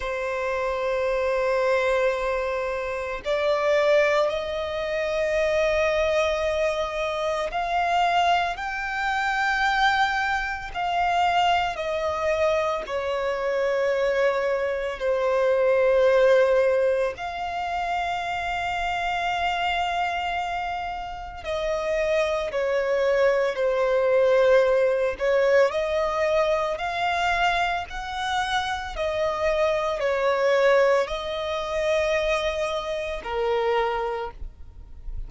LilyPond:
\new Staff \with { instrumentName = "violin" } { \time 4/4 \tempo 4 = 56 c''2. d''4 | dis''2. f''4 | g''2 f''4 dis''4 | cis''2 c''2 |
f''1 | dis''4 cis''4 c''4. cis''8 | dis''4 f''4 fis''4 dis''4 | cis''4 dis''2 ais'4 | }